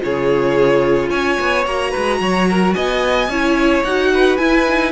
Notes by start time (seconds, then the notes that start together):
0.00 C#3 F4 G#4 C#5
1.09 C#4 C#5 G#5
1.40 B3
1.66 A#3 F#4 A#5
1.91 G#3 B4
2.20 F#3 C#5
2.50 A#4
2.73 B3 D#5 G#5
3.28 C#4 E4 C#5
3.84 D#4 F#4 F#5
4.14 B4
4.37 E4 G#5
4.67 D#4